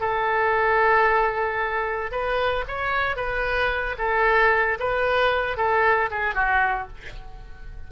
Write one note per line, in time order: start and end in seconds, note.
0.00 2.11 A4
2.11 2.65 B4
2.68 3.16 C#5
3.16 3.96 B4
3.98 4.78 A4
4.79 5.57 B4
5.57 6.10 A4
6.11 6.35 G#4
6.35 6.88 F#4